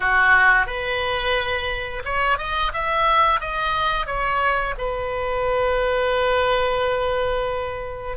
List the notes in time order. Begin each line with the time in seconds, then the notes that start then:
0.00 F#4
0.66 B4
2.05 C#5
2.37 D#5
2.73 E5
3.40 D#5
4.06 C#5
4.78 B4